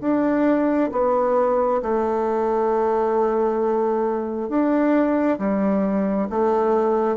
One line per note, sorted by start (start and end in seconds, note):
0.00 0.90 D4
0.91 1.81 B3
1.82 4.49 A3
4.49 5.38 D4
5.38 6.28 G3
6.29 7.16 A3